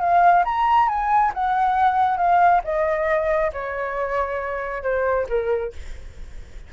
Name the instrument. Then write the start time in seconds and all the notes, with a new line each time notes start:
flute
0.00 F5
0.45 A#5
0.89 G#5
1.34 F#5
2.18 F5
2.64 D#5
3.53 C#5
4.83 C5
5.29 A#4